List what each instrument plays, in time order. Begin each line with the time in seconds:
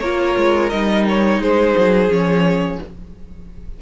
0.00 cello A#3, viola F4, violin A#4 C#5
0.37 cello G#3
0.70 cello G3, viola D#4, violin D#5
1.09 violin C#5
1.40 cello G#3, violin G#4 C5
1.78 cello F#3
2.09 cello F3, viola C#4, violin C#5